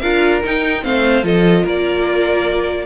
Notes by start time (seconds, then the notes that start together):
0.00 D4 F4 A#4 F5
0.44 D#4 G5
0.82 A3 C4 C5 F5
1.23 F3 F4 A4 D#5
1.64 A#3 A#4 D5